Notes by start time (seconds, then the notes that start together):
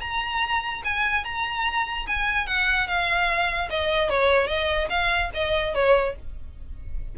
0.00 A#5
0.84 G#5
1.24 A#5
2.07 G#5
2.47 F#5
2.87 F5
3.70 D#5
4.09 C#5
4.47 D#5
4.89 F5
5.34 D#5
5.74 C#5